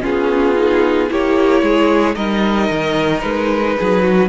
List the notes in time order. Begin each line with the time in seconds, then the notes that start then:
0.00 B3 C#4 F4 G#4
0.56 D#4
1.09 A#3 E4 G4 C#5
1.62 G#3 G#4
2.15 G3 D#4 A#4 D#5
2.70 D#3
3.21 G#3 B4
3.78 F#3 G#4
4.03 F#4